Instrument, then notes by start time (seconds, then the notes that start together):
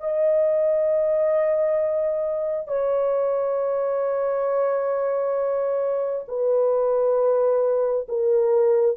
horn
0.00 D#5
2.67 C#5
6.28 B4
8.08 A#4